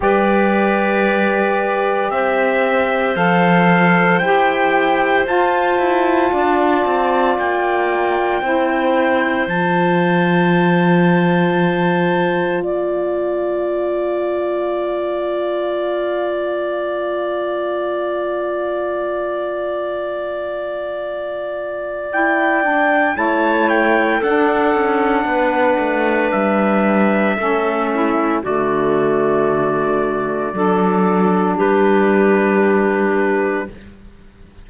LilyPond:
<<
  \new Staff \with { instrumentName = "trumpet" } { \time 4/4 \tempo 4 = 57 d''2 e''4 f''4 | g''4 a''2 g''4~ | g''4 a''2. | f''1~ |
f''1~ | f''4 g''4 a''8 g''8 fis''4~ | fis''4 e''2 d''4~ | d''2 b'2 | }
  \new Staff \with { instrumentName = "clarinet" } { \time 4/4 b'2 c''2~ | c''2 d''2 | c''1 | d''1~ |
d''1~ | d''2 cis''4 a'4 | b'2 a'8 e'8 fis'4~ | fis'4 a'4 g'2 | }
  \new Staff \with { instrumentName = "saxophone" } { \time 4/4 g'2. a'4 | g'4 f'2. | e'4 f'2.~ | f'1~ |
f'1~ | f'4 e'8 d'8 e'4 d'4~ | d'2 cis'4 a4~ | a4 d'2. | }
  \new Staff \with { instrumentName = "cello" } { \time 4/4 g2 c'4 f4 | e'4 f'8 e'8 d'8 c'8 ais4 | c'4 f2. | ais1~ |
ais1~ | ais2 a4 d'8 cis'8 | b8 a8 g4 a4 d4~ | d4 fis4 g2 | }
>>